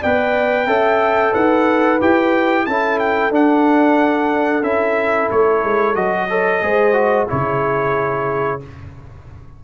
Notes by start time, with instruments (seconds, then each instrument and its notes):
0.00 tuba B3, trombone B4, horn D5, trumpet G5
0.66 tuba C#4, trombone A4, horn E5
1.32 tuba D#4, horn B4, trumpet F#5
2.00 tuba E4, trombone G4, trumpet G5
2.65 tuba C#4, trombone E4, horn A4, trumpet A5
2.99 trumpet G5
3.30 tuba D4, trombone D4, trumpet F#5
4.62 tuba C#4, trombone E4, trumpet E5
5.30 tuba A3, trumpet C#5
5.63 tuba G#3
5.95 tuba F#3, trombone F#4, trumpet D#5
6.28 trombone A4, horn C#5
6.62 tuba G#3, trombone G#4, horn C5
6.93 trombone F#4
7.27 tuba C#3, trombone E4, horn G#4, trumpet C#5